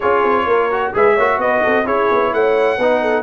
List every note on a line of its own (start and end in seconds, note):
0.00 0.23 C#4
0.00 0.71 F4
0.00 0.46 G#4
0.00 0.93 C#5
0.23 0.46 C4
0.46 0.92 A#3
0.46 0.94 A#4
0.71 0.94 F#4
0.94 1.18 G#3
0.94 1.17 G#4
0.94 1.14 B4
0.94 1.40 E5
1.14 1.37 A#3
1.14 1.85 F#4
1.14 1.37 C#5
1.37 1.61 B3
1.37 1.63 B4
1.37 1.87 D#5
1.63 1.87 C4
1.63 1.85 A4
1.85 2.10 C#4
1.85 2.78 E4
1.85 2.32 G#4
1.85 2.33 C#5
2.11 2.33 B3
2.33 2.78 A3
2.33 2.78 C#5
2.33 3.23 F#5
2.78 3.23 B3
2.78 3.23 D#4
2.78 3.01 B4
3.01 3.23 A4